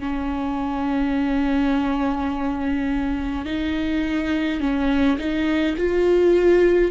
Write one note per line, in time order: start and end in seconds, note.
0.00 3.46 C#4
3.46 4.60 D#4
4.60 5.18 C#4
5.19 5.76 D#4
5.77 6.91 F4